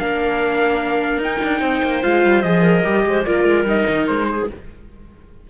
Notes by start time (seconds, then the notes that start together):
0.00 A#3 D4 A#4 F5
1.18 D#4 G5
1.24 D#4
1.44 D4
1.61 C4 C5
1.84 A#3
2.03 G#3 F4 F5
2.25 G3
2.43 F3 G#4 D#5
2.62 A#4
2.85 G3 G4
3.06 G#3 C5
3.25 A#3 F4 A#4 D5
3.45 G#3
3.64 G3 D#4 D#5
3.89 D#3
4.08 G#3 C5
4.30 G#4